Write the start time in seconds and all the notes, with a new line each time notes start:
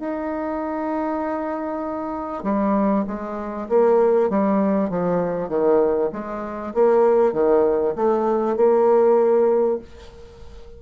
0.00 D#4
2.44 G3
3.07 G#3
3.69 A#3
4.30 G3
4.90 F3
5.49 D#3
6.13 G#3
6.74 A#3
7.33 D#3
7.96 A3
8.57 A#3